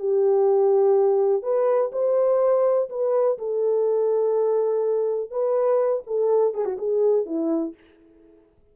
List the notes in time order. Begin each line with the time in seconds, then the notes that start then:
0.00 G4
1.43 B4
1.93 C5
2.90 B4
3.39 A4
5.31 B4
6.07 A4
6.55 G#4
6.65 F#4
6.79 G#4
7.26 E4